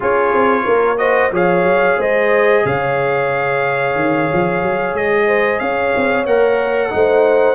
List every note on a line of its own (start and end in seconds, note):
0.00 0.33 C#4
0.00 0.97 F4
0.00 0.63 G#4
0.00 0.97 C#5
0.33 0.66 C4
0.65 1.31 A#3
0.65 0.98 A#4
0.97 1.31 F#4
0.97 1.32 C5
0.97 1.30 D#5
1.31 1.63 F3
1.31 6.27 G#4
1.31 1.97 C#5
1.31 2.01 F5
1.63 1.96 F#3
1.97 2.63 G#3
1.97 2.63 C5
1.97 2.66 D#5
2.64 3.95 C#3
2.64 5.26 C#5
2.64 4.96 F5
3.95 4.28 D#3
4.33 4.62 F3
4.62 4.93 F#3
4.93 5.59 G#3
4.93 5.59 D#5
5.26 5.59 C5
5.59 5.93 C#4
5.59 6.91 C#5
5.59 6.25 F5
5.96 6.26 C4
6.26 6.92 A#3
6.26 6.89 A#4
6.26 7.54 F#5
6.89 7.54 A3
6.89 7.54 D#4
6.89 7.54 C5